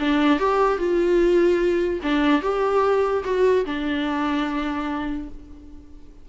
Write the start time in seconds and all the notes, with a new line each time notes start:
0.00 D4
0.40 G4
0.78 F4
2.03 D4
2.42 G4
3.24 F#4
3.66 D4